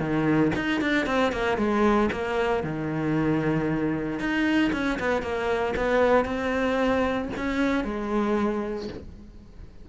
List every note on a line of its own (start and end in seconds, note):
0.00 0.52 D#3
0.56 0.82 D#4
0.82 1.06 D4
1.06 1.32 C4
1.32 1.58 A#3
1.58 2.10 G#3
2.12 2.64 A#3
2.64 4.20 D#3
4.20 4.72 D#4
4.73 4.99 C#4
5.00 5.22 B3
5.22 5.75 A#3
5.77 6.25 B3
6.25 7.29 C4
7.38 7.85 C#4
7.85 8.89 G#3